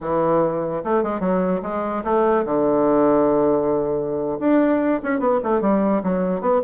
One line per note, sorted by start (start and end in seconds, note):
0.01 0.82 E3
0.83 1.03 A3
1.03 1.19 G#3
1.19 1.60 F#3
1.62 2.03 G#3
2.04 2.44 A3
2.45 4.39 D3
4.39 5.00 D4
5.03 5.19 C#4
5.19 5.40 B3
5.43 5.61 A3
5.61 6.01 G3
6.03 6.41 F#3
6.41 6.61 B3